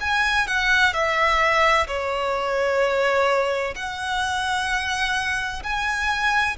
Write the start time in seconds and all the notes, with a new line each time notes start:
0.00 G#5
0.47 F#5
0.93 E5
1.87 C#5
3.75 F#5
5.63 G#5